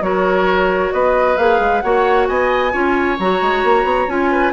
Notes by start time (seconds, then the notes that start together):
0.00 F#3 F#4 A#4 C#5
0.92 B3 B4 D#5
1.37 A#3 G#4 F5
1.59 G#3
1.81 A#3 F#4 C#5 F#5
2.27 B3 D#5 G#5
2.71 C#4 F4 C#5
3.19 F#3 F#4 A#5
3.41 G#3
3.63 A#3
3.84 B3
4.07 C#4 F4 G#5
4.31 B4